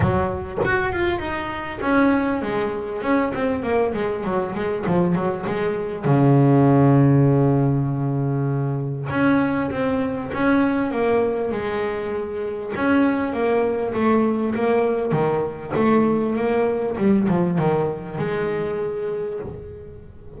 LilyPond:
\new Staff \with { instrumentName = "double bass" } { \time 4/4 \tempo 4 = 99 fis4 fis'8 f'8 dis'4 cis'4 | gis4 cis'8 c'8 ais8 gis8 fis8 gis8 | f8 fis8 gis4 cis2~ | cis2. cis'4 |
c'4 cis'4 ais4 gis4~ | gis4 cis'4 ais4 a4 | ais4 dis4 a4 ais4 | g8 f8 dis4 gis2 | }